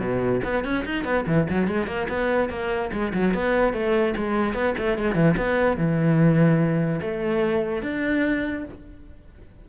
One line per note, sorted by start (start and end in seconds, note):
0.00 0.41 B2
0.44 0.64 B3
0.64 0.85 C#4
0.85 1.05 D#4
1.05 1.25 B3
1.27 1.48 E3
1.50 1.67 F#3
1.67 1.87 G#3
1.87 2.08 A#3
2.09 2.50 B3
2.50 2.91 A#3
2.93 3.13 G#3
3.14 3.34 F#3
3.34 3.73 B3
3.73 4.15 A3
4.17 4.54 G#3
4.54 4.74 B3
4.78 4.98 A3
4.98 5.15 G#3
5.15 5.35 E3
5.37 5.77 B3
5.77 7.01 E3
7.01 7.83 A3
7.83 8.65 D4